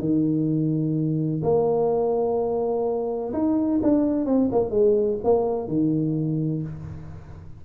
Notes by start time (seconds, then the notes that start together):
0.00 D#3
1.43 A#3
3.33 D#4
3.83 D4
4.26 C4
4.52 A#3
4.71 G#3
5.24 A#3
5.68 D#3